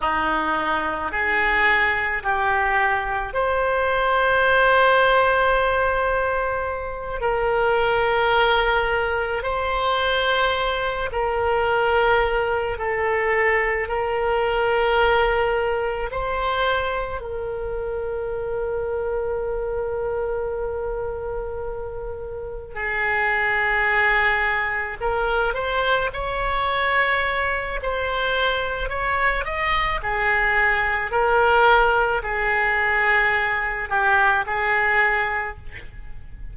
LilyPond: \new Staff \with { instrumentName = "oboe" } { \time 4/4 \tempo 4 = 54 dis'4 gis'4 g'4 c''4~ | c''2~ c''8 ais'4.~ | ais'8 c''4. ais'4. a'8~ | a'8 ais'2 c''4 ais'8~ |
ais'1~ | ais'8 gis'2 ais'8 c''8 cis''8~ | cis''4 c''4 cis''8 dis''8 gis'4 | ais'4 gis'4. g'8 gis'4 | }